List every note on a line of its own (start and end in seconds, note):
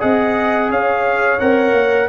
0.00 0.69 C4
0.00 1.40 G#4
0.00 0.70 D#5
0.00 0.71 F#5
0.69 1.39 C#4
0.69 2.10 C#5
0.69 1.40 F5
1.40 1.73 C4
1.40 2.10 A#4
1.40 2.10 F#5
1.73 2.08 A#3